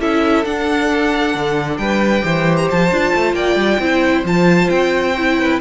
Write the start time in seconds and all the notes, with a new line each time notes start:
0.00 C#4 E4 A4 E5
0.45 D4 F#5
1.35 D3
1.78 G3 B4 G5
2.21 E3 G4 C5
2.57 A#5
2.71 F3 A5
2.92 D4 F4
3.15 A3
3.34 A#3 D5 G5
3.56 G3
3.79 C4 E4 C5
4.24 F3 F4 A5
4.70 C4 G5
5.18 E4
5.39 B4